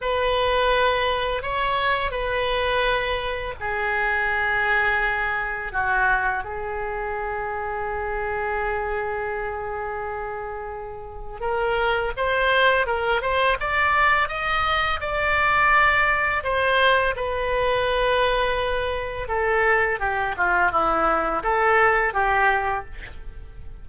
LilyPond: \new Staff \with { instrumentName = "oboe" } { \time 4/4 \tempo 4 = 84 b'2 cis''4 b'4~ | b'4 gis'2. | fis'4 gis'2.~ | gis'1 |
ais'4 c''4 ais'8 c''8 d''4 | dis''4 d''2 c''4 | b'2. a'4 | g'8 f'8 e'4 a'4 g'4 | }